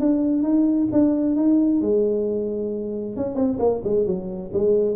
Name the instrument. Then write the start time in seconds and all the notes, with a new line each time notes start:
tuba
0.00 D4
0.43 D#4
0.92 D4
1.36 D#4
1.81 G#3
3.17 C#4
3.35 C4
3.59 A#3
3.84 G#3
4.07 F#3
4.53 G#3